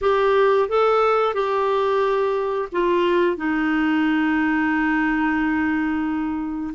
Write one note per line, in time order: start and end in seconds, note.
0.01 0.68 G4
0.69 1.34 A4
1.34 2.68 G4
2.72 3.36 F4
3.36 6.74 D#4